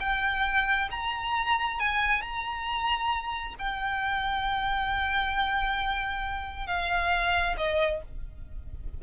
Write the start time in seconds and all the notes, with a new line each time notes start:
0.00 G5
0.91 A#5
1.80 G#5
2.21 A#5
3.59 G5
6.67 F5
7.57 D#5